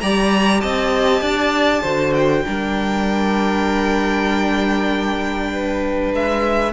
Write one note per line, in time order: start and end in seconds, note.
0.00 0.63 G3
0.00 1.85 G4
0.00 0.60 D5
0.00 0.60 A#5
0.60 1.21 C4
0.60 1.21 D#5
0.60 2.13 A5
1.21 1.82 D4
1.21 1.81 D5
1.81 2.44 D3
1.81 2.45 F#4
1.81 2.42 C5
2.14 6.12 G5
2.45 6.13 G3
2.45 6.72 D4
2.45 5.52 A#4
5.52 6.72 B4
6.13 6.72 G#3
6.13 6.72 E5